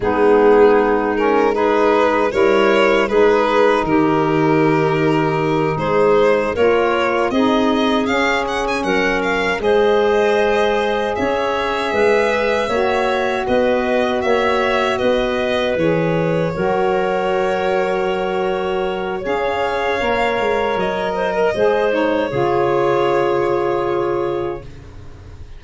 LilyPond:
<<
  \new Staff \with { instrumentName = "violin" } { \time 4/4 \tempo 4 = 78 gis'4. ais'8 b'4 cis''4 | b'4 ais'2~ ais'8 c''8~ | c''8 cis''4 dis''4 f''8 fis''16 gis''16 fis''8 | f''8 dis''2 e''4.~ |
e''4. dis''4 e''4 dis''8~ | dis''8 cis''2.~ cis''8~ | cis''4 f''2 dis''4~ | dis''8 cis''2.~ cis''8 | }
  \new Staff \with { instrumentName = "clarinet" } { \time 4/4 dis'2 gis'4 ais'4 | gis'4 g'2~ g'8 gis'8~ | gis'8 ais'4 gis'2 ais'8~ | ais'8 c''2 cis''4 b'8~ |
b'8 cis''4 b'4 cis''4 b'8~ | b'4. ais'2~ ais'8~ | ais'4 cis''2~ cis''8 c''16 ais'16 | c''4 gis'2. | }
  \new Staff \with { instrumentName = "saxophone" } { \time 4/4 b4. cis'8 dis'4 e'4 | dis'1~ | dis'8 f'4 dis'4 cis'4.~ | cis'8 gis'2.~ gis'8~ |
gis'8 fis'2.~ fis'8~ | fis'8 gis'4 fis'2~ fis'8~ | fis'4 gis'4 ais'2 | gis'8 dis'8 f'2. | }
  \new Staff \with { instrumentName = "tuba" } { \time 4/4 gis2. g4 | gis4 dis2~ dis8 gis8~ | gis8 ais4 c'4 cis'4 fis8~ | fis8 gis2 cis'4 gis8~ |
gis8 ais4 b4 ais4 b8~ | b8 e4 fis2~ fis8~ | fis4 cis'4 ais8 gis8 fis4 | gis4 cis2. | }
>>